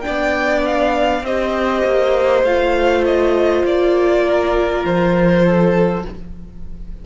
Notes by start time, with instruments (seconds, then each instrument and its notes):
0.00 viola D4, violin G5
0.06 cello B3, violin D5
0.65 violin F5
1.22 cello C4, viola G4, violin C5 D#5
1.85 cello A#3
2.43 cello A3, viola F4, violin F5
3.05 violin D#5
3.64 cello A#3, violin D5
4.25 violin A#4
4.84 cello F3, violin C5
5.45 violin A4